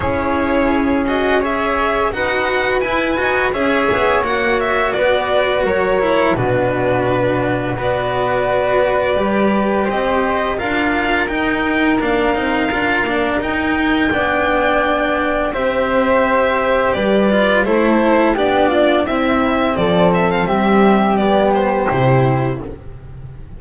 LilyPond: <<
  \new Staff \with { instrumentName = "violin" } { \time 4/4 \tempo 4 = 85 cis''4. dis''8 e''4 fis''4 | gis''4 e''4 fis''8 e''8 d''4 | cis''4 b'2 d''4~ | d''2 dis''4 f''4 |
g''4 f''2 g''4~ | g''2 e''2 | d''4 c''4 d''4 e''4 | d''8 e''16 f''16 e''4 d''8 c''4. | }
  \new Staff \with { instrumentName = "flute" } { \time 4/4 gis'2 cis''4 b'4~ | b'4 cis''2 b'4 | ais'4 fis'2 b'4~ | b'2 c''4 ais'4~ |
ais'1 | d''2 c''2 | b'4 a'4 g'8 f'8 e'4 | a'4 g'2. | }
  \new Staff \with { instrumentName = "cello" } { \time 4/4 e'4. fis'8 gis'4 fis'4 | e'8 fis'8 gis'4 fis'2~ | fis'8 e'8 d'2 fis'4~ | fis'4 g'2 f'4 |
dis'4 d'8 dis'8 f'8 d'8 dis'4 | d'2 g'2~ | g'8 f'8 e'4 d'4 c'4~ | c'2 b4 e'4 | }
  \new Staff \with { instrumentName = "double bass" } { \time 4/4 cis'2. dis'4 | e'8 dis'8 cis'8 b8 ais4 b4 | fis4 b,2 b4~ | b4 g4 c'4 d'4 |
dis'4 ais8 c'8 d'8 ais8 dis'4 | b2 c'2 | g4 a4 b4 c'4 | f4 g2 c4 | }
>>